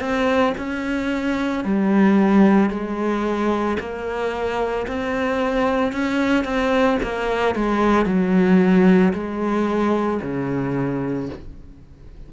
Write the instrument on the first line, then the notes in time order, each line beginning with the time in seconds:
cello
0.00 C4
0.57 C#4
1.65 G3
2.70 G#3
3.79 A#3
4.87 C4
5.93 C#4
6.44 C4
7.03 A#3
7.55 G#3
8.06 F#3
9.13 G#3
10.22 C#3